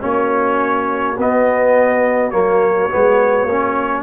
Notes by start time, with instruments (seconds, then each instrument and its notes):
0.00 tuba A#3, trombone C#4, horn F#4, trumpet C#5
1.18 tuba B3, trombone B3, trumpet D#5
2.30 tuba F#3, trombone A#3, trumpet C#5
2.90 tuba G#3, trombone B3
3.44 tuba A#3, trombone C#4